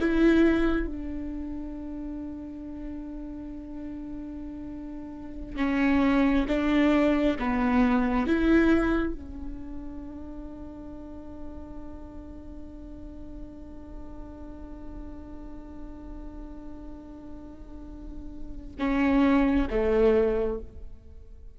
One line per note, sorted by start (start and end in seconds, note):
0.00 0.87 E4
0.87 5.56 D4
5.56 6.46 C#4
6.48 7.37 D4
7.39 8.27 B3
8.27 9.13 E4
9.13 18.76 D4
18.79 19.69 C#4
19.70 20.59 A3